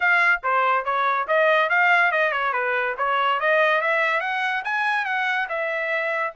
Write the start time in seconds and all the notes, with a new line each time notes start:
0.00 F5
0.43 C5
0.85 C#5
1.27 D#5
1.69 F5
2.11 D#5
2.32 C#5
2.52 B4
2.97 C#5
3.40 D#5
3.81 E5
4.20 F#5
4.64 G#5
5.05 F#5
5.48 E5